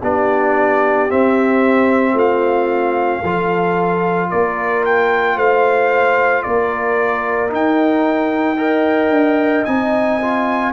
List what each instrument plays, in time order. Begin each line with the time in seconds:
0.00 tuba B3, trombone D4, horn G4, trumpet D5
1.09 trombone C4, tuba C4, trumpet E5
2.13 tuba A3, horn F4, trumpet F5
3.22 tuba F3, trombone F4, horn A4
4.30 tuba A#3, horn A#4, trumpet D5
4.85 trumpet G5
5.36 tuba A3, horn C5, trumpet F5
6.42 tuba A#3, horn A#4, trumpet D5
7.49 trombone D#4, tuba D#4, trumpet G5
8.58 trombone A#4, horn D#5
9.10 tuba D4
9.65 tuba C4, trombone D#4, trumpet G#5
10.21 trombone F4